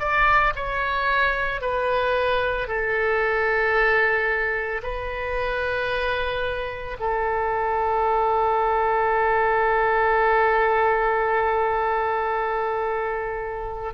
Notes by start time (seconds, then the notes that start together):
0.00 D5
0.56 C#5
1.62 B4
2.68 A4
4.83 B4
7.00 A4